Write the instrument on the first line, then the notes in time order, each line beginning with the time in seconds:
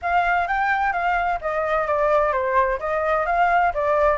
flute
0.01 F5
0.47 G5
0.92 F5
1.41 D#5
1.87 D5
2.32 C5
2.79 D#5
3.26 F5
3.73 D5